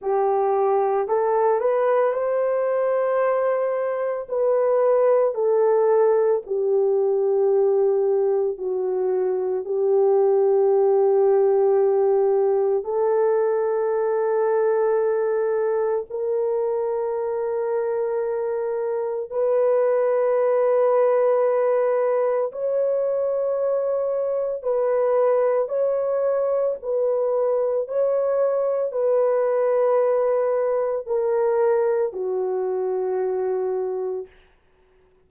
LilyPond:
\new Staff \with { instrumentName = "horn" } { \time 4/4 \tempo 4 = 56 g'4 a'8 b'8 c''2 | b'4 a'4 g'2 | fis'4 g'2. | a'2. ais'4~ |
ais'2 b'2~ | b'4 cis''2 b'4 | cis''4 b'4 cis''4 b'4~ | b'4 ais'4 fis'2 | }